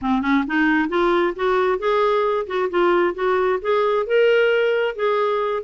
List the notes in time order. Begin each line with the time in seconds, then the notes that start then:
0.01 C4
0.21 C#4
0.47 D#4
0.88 F4
1.35 F#4
1.78 G#4
2.46 F#4
2.69 F4
3.14 F#4
3.61 G#4
4.06 A#4
4.95 G#4